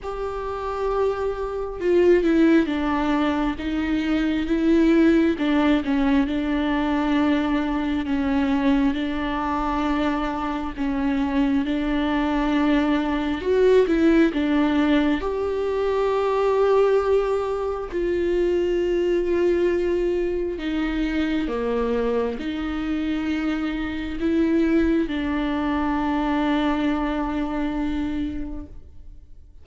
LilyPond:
\new Staff \with { instrumentName = "viola" } { \time 4/4 \tempo 4 = 67 g'2 f'8 e'8 d'4 | dis'4 e'4 d'8 cis'8 d'4~ | d'4 cis'4 d'2 | cis'4 d'2 fis'8 e'8 |
d'4 g'2. | f'2. dis'4 | ais4 dis'2 e'4 | d'1 | }